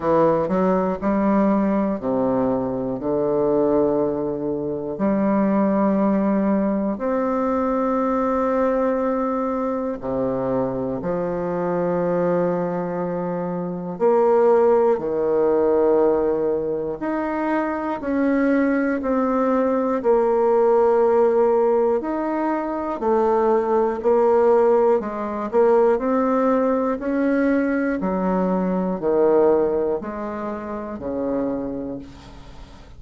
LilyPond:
\new Staff \with { instrumentName = "bassoon" } { \time 4/4 \tempo 4 = 60 e8 fis8 g4 c4 d4~ | d4 g2 c'4~ | c'2 c4 f4~ | f2 ais4 dis4~ |
dis4 dis'4 cis'4 c'4 | ais2 dis'4 a4 | ais4 gis8 ais8 c'4 cis'4 | fis4 dis4 gis4 cis4 | }